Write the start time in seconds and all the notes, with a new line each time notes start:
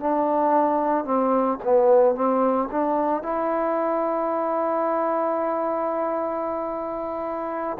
0.00 D4
1.05 C4
1.64 B3
2.15 C4
2.72 D4
3.23 E4